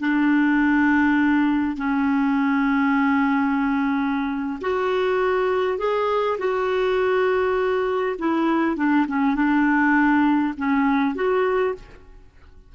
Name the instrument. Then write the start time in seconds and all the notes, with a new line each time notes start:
clarinet
0.00 D4
1.77 C#4
4.61 F#4
5.78 G#4
6.38 F#4
8.19 E4
8.76 D4
9.08 C#4
9.35 D4
10.57 C#4
11.15 F#4